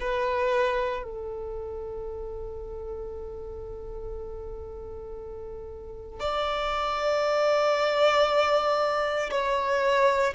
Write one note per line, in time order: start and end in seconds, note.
0.00 1.03 B4
1.03 6.19 A4
6.19 9.30 D5
9.30 10.34 C#5